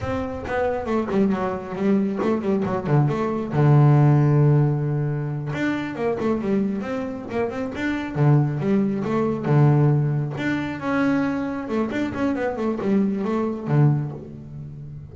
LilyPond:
\new Staff \with { instrumentName = "double bass" } { \time 4/4 \tempo 4 = 136 c'4 b4 a8 g8 fis4 | g4 a8 g8 fis8 d8 a4 | d1~ | d8 d'4 ais8 a8 g4 c'8~ |
c'8 ais8 c'8 d'4 d4 g8~ | g8 a4 d2 d'8~ | d'8 cis'2 a8 d'8 cis'8 | b8 a8 g4 a4 d4 | }